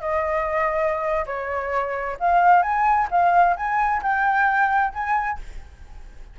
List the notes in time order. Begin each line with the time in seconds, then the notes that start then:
0.00 D#5
1.26 C#5
2.19 F5
2.62 G#5
3.11 F5
3.56 G#5
4.02 G5
4.94 G#5